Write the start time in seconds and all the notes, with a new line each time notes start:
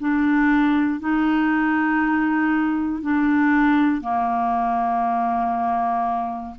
0.00 D4
1.00 D#4
3.02 D4
4.02 A#3